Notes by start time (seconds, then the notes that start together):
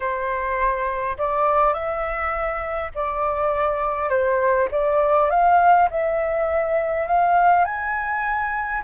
0.00 C5
1.18 D5
1.73 E5
2.94 D5
4.09 C5
4.71 D5
5.29 F5
5.90 E5
7.07 F5
7.65 G#5